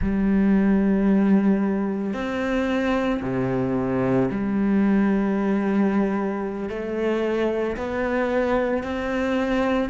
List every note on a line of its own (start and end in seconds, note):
0.01 2.13 G3
2.13 3.20 C4
3.21 4.29 C3
4.31 6.69 G3
6.69 7.76 A3
7.76 8.83 B3
8.83 9.89 C4